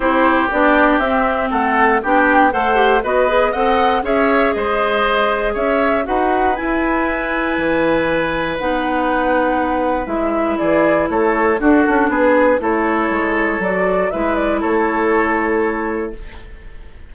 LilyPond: <<
  \new Staff \with { instrumentName = "flute" } { \time 4/4 \tempo 4 = 119 c''4 d''4 e''4 fis''4 | g''4 fis''4 dis''4 fis''4 | e''4 dis''2 e''4 | fis''4 gis''2.~ |
gis''4 fis''2. | e''4 d''4 cis''4 a'4 | b'4 cis''2 d''4 | e''8 d''8 cis''2. | }
  \new Staff \with { instrumentName = "oboe" } { \time 4/4 g'2. a'4 | g'4 c''4 b'4 dis''4 | cis''4 c''2 cis''4 | b'1~ |
b'1~ | b'4 gis'4 a'4 fis'4 | gis'4 a'2. | b'4 a'2. | }
  \new Staff \with { instrumentName = "clarinet" } { \time 4/4 e'4 d'4 c'2 | d'4 a'8 g'8 fis'8 gis'8 a'4 | gis'1 | fis'4 e'2.~ |
e'4 dis'2. | e'2. d'4~ | d'4 e'2 fis'4 | e'1 | }
  \new Staff \with { instrumentName = "bassoon" } { \time 4/4 c'4 b4 c'4 a4 | b4 a4 b4 c'4 | cis'4 gis2 cis'4 | dis'4 e'2 e4~ |
e4 b2. | gis4 e4 a4 d'8 cis'8 | b4 a4 gis4 fis4 | gis4 a2. | }
>>